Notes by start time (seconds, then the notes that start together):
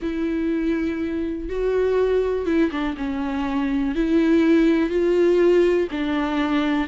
0.01 E4
1.49 F#4
2.46 E4
2.71 D4
2.97 C#4
3.95 E4
4.89 F4
5.91 D4